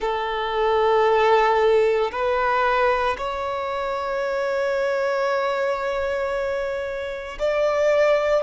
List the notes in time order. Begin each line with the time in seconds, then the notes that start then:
0.00 A4
2.11 B4
3.17 C#5
7.39 D5